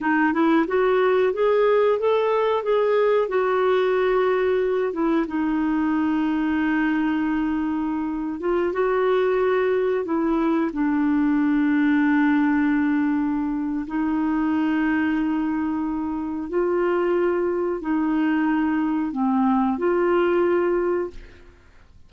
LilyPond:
\new Staff \with { instrumentName = "clarinet" } { \time 4/4 \tempo 4 = 91 dis'8 e'8 fis'4 gis'4 a'4 | gis'4 fis'2~ fis'8 e'8 | dis'1~ | dis'8. f'8 fis'2 e'8.~ |
e'16 d'2.~ d'8.~ | d'4 dis'2.~ | dis'4 f'2 dis'4~ | dis'4 c'4 f'2 | }